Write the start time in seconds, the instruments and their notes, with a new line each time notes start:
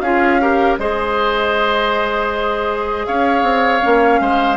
0.00 bassoon C#4, clarinet F4, oboe G#4, flute F5
0.41 clarinet G4, oboe A#4
0.78 bassoon G#3, clarinet G#4, oboe C5, flute D#5
3.06 bassoon C#4, oboe C#5, flute F5
3.42 bassoon C4
3.82 bassoon A#3, clarinet C#4
4.20 bassoon G#3, oboe C5